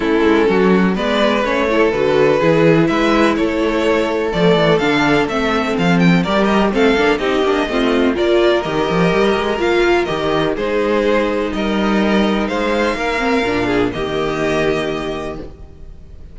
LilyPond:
<<
  \new Staff \with { instrumentName = "violin" } { \time 4/4 \tempo 4 = 125 a'2 d''4 cis''4 | b'2 e''4 cis''4~ | cis''4 d''4 f''4 e''4 | f''8 g''8 d''8 dis''8 f''4 dis''4~ |
dis''4 d''4 dis''2 | f''4 dis''4 c''2 | dis''2 f''2~ | f''4 dis''2. | }
  \new Staff \with { instrumentName = "violin" } { \time 4/4 e'4 fis'4 b'4. a'8~ | a'4 gis'4 b'4 a'4~ | a'1~ | a'4 ais'4 a'4 g'4 |
f'4 ais'2.~ | ais'2 gis'2 | ais'2 c''4 ais'4~ | ais'8 gis'8 g'2. | }
  \new Staff \with { instrumentName = "viola" } { \time 4/4 cis'2 b4 cis'8 e'8 | fis'4 e'2.~ | e'4 a4 d'4 c'4~ | c'4 g'4 c'8 d'8 dis'8 d'8 |
c'4 f'4 g'2 | f'4 g'4 dis'2~ | dis'2.~ dis'8 c'8 | d'4 ais2. | }
  \new Staff \with { instrumentName = "cello" } { \time 4/4 a8 gis8 fis4 gis4 a4 | d4 e4 gis4 a4~ | a4 f8 e8 d4 a4 | f4 g4 a8 ais8 c'8 ais8 |
a4 ais4 dis8 f8 g8 gis8 | ais4 dis4 gis2 | g2 gis4 ais4 | ais,4 dis2. | }
>>